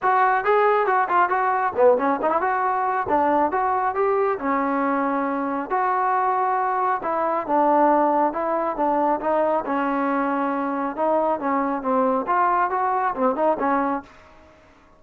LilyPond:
\new Staff \with { instrumentName = "trombone" } { \time 4/4 \tempo 4 = 137 fis'4 gis'4 fis'8 f'8 fis'4 | b8 cis'8 dis'16 e'16 fis'4. d'4 | fis'4 g'4 cis'2~ | cis'4 fis'2. |
e'4 d'2 e'4 | d'4 dis'4 cis'2~ | cis'4 dis'4 cis'4 c'4 | f'4 fis'4 c'8 dis'8 cis'4 | }